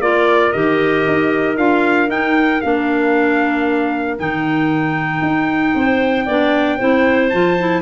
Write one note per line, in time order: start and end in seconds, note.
0.00 0.52 A#3
0.00 0.53 F4
0.00 5.75 A#4
0.00 0.52 D5
0.52 1.07 D#3
0.52 1.57 G4
0.52 1.56 D#5
1.07 1.57 D#4
1.57 2.08 D4
1.57 2.08 F4
1.57 2.09 F5
2.08 2.60 D#4
2.08 2.61 G5
2.61 4.19 A#3
2.61 4.18 D4
2.61 4.17 F5
4.18 5.21 D#3
4.18 6.27 D#4
4.18 7.29 G5
5.21 5.73 D#4
5.74 6.27 C4
5.74 6.25 C5
6.25 6.79 B3
6.25 6.79 D4
6.25 6.78 D5
6.78 7.33 C4
6.78 7.31 E4
6.78 7.81 C5
7.29 7.81 F3
7.29 7.58 F4
7.29 7.81 A5
7.58 7.81 E4